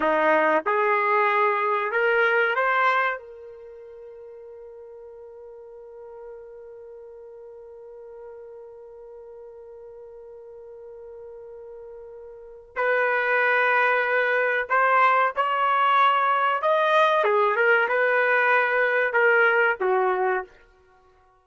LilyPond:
\new Staff \with { instrumentName = "trumpet" } { \time 4/4 \tempo 4 = 94 dis'4 gis'2 ais'4 | c''4 ais'2.~ | ais'1~ | ais'1~ |
ais'1 | b'2. c''4 | cis''2 dis''4 gis'8 ais'8 | b'2 ais'4 fis'4 | }